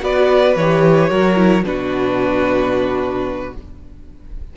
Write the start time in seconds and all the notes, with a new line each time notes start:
0.00 B3 F#4 B4 D5
0.56 E3 G4 C#5
1.10 F#3 F#4 A#4
1.35 E4
1.64 B2 D4 F#4 B4